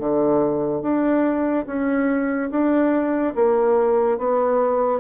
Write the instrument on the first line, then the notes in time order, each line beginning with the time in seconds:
bassoon
0.00 D3
0.83 D4
1.67 C#4
2.51 D4
3.36 A#3
4.19 B3